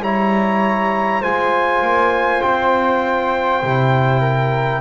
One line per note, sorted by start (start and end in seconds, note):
0.00 1.20 G3
0.00 1.23 E4
0.00 1.21 C#5
0.00 1.23 A#5
1.21 1.82 G#3
1.21 3.63 F4
1.21 4.20 C5
1.21 2.42 G#5
1.82 2.42 A#3
2.42 3.63 C4
2.42 4.81 G5
3.63 4.81 C3
3.63 4.81 E4
4.20 4.80 A#4